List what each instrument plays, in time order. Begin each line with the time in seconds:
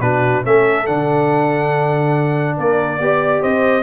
0.00 tuba B2, trombone D4, horn F#4, trumpet B4
0.44 tuba A3, trombone C#4, horn A4, trumpet E5
0.86 tuba D3, trombone D4, trumpet F#5
2.57 tuba A#3, horn A#4, trumpet D5
2.99 tuba B3, trombone G4, horn D5
3.42 tuba C4, horn C5, trumpet D#5